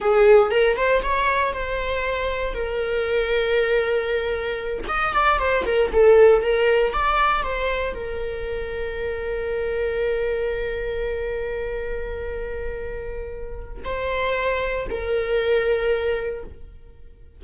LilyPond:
\new Staff \with { instrumentName = "viola" } { \time 4/4 \tempo 4 = 117 gis'4 ais'8 c''8 cis''4 c''4~ | c''4 ais'2.~ | ais'4. dis''8 d''8 c''8 ais'8 a'8~ | a'8 ais'4 d''4 c''4 ais'8~ |
ais'1~ | ais'1~ | ais'2. c''4~ | c''4 ais'2. | }